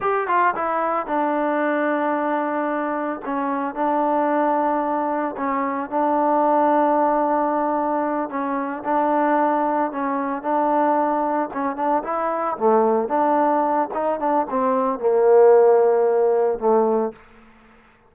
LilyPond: \new Staff \with { instrumentName = "trombone" } { \time 4/4 \tempo 4 = 112 g'8 f'8 e'4 d'2~ | d'2 cis'4 d'4~ | d'2 cis'4 d'4~ | d'2.~ d'8 cis'8~ |
cis'8 d'2 cis'4 d'8~ | d'4. cis'8 d'8 e'4 a8~ | a8 d'4. dis'8 d'8 c'4 | ais2. a4 | }